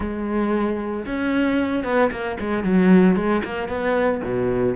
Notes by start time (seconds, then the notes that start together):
0.00 G#3
1.06 C#4
1.84 B3
2.11 A#3
2.39 G#3
2.63 F#3
3.16 G#3
3.44 A#3
3.68 B3
4.23 B2